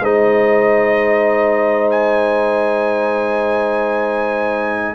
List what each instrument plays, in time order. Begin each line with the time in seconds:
0.00 tuba G#3, trombone D#4, horn C5, trumpet D#5
1.91 trumpet G#5